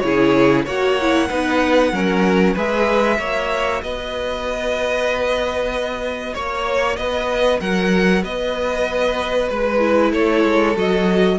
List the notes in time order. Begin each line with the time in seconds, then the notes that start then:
0.00 C#3 E4 G#4 C#5
0.66 A#3 F#4 C#5 F#5
1.02 E4
1.29 B3 D#4 B4
1.93 F#3 C#4 A#4
2.54 G#3 G#4 B4 E5
3.19 A#3 F#4 C#5
3.83 B3 B4 D#5
6.34 A#3 C#5
6.97 B3 B4 D#5
7.61 F#3 A#4 F#5
8.23 B3 B4 D#5
9.49 G#3 B4
9.80 E4
10.12 A3 A4 C#5
10.45 G#3
10.76 F#3 F#4 D#5